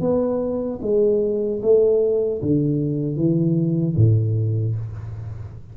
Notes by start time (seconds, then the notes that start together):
0.00 B3
0.82 G#3
1.62 A3
2.42 D3
3.16 E3
3.96 A2